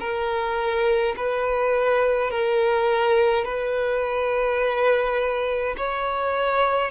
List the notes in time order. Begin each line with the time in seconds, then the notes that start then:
0.00 A#4
1.16 B4
2.31 A#4
3.45 B4
5.77 C#5